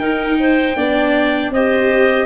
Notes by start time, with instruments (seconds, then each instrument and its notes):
0.00 tuba D#4, viola D#4, clarinet A#4, trumpet G5
0.40 clarinet C5
0.77 tuba B3, viola D4, clarinet D5
1.51 tuba C4, viola G4, clarinet C5, trumpet D#5